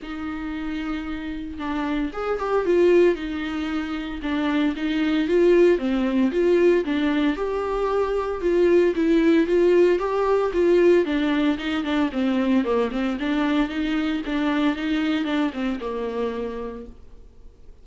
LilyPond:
\new Staff \with { instrumentName = "viola" } { \time 4/4 \tempo 4 = 114 dis'2. d'4 | gis'8 g'8 f'4 dis'2 | d'4 dis'4 f'4 c'4 | f'4 d'4 g'2 |
f'4 e'4 f'4 g'4 | f'4 d'4 dis'8 d'8 c'4 | ais8 c'8 d'4 dis'4 d'4 | dis'4 d'8 c'8 ais2 | }